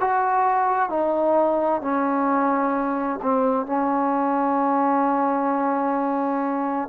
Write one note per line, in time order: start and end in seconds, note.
0.00 0.89 F#4
0.89 1.81 D#4
1.81 3.20 C#4
3.22 3.66 C4
3.66 6.89 C#4